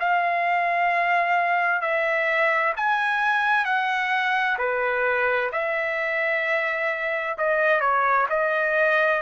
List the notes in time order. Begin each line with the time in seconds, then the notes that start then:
0.00 F5
1.81 E5
2.77 G#5
3.65 F#5
4.58 B4
5.52 E5
7.38 D#5
7.80 C#5
8.30 D#5